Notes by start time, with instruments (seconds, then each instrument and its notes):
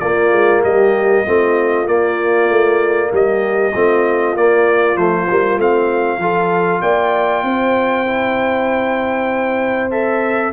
0.00 tuba A#3, trombone A#3, horn F4, trumpet D5
0.33 tuba G#3
0.64 tuba G3, horn G4, trumpet D#5
1.26 tuba A3, trombone C4, horn F4
1.87 trombone A#3, tuba A#3, trumpet D5
2.50 tuba A3
3.12 tuba G3, horn G4, trumpet D#5
3.74 tuba A3, trombone C4, horn F4
4.36 tuba A#3, trombone A#3, trumpet D5
4.97 tuba F3, trombone A3, trumpet C5
5.30 tuba G3, trombone A#3
5.57 tuba A3, trombone C4, trumpet F5
6.19 tuba F3, trombone F4, horn A4
6.82 tuba A#3, horn D5, trumpet G5
7.43 tuba C4, horn C5
8.07 trombone E4
9.91 trombone A4, trumpet E5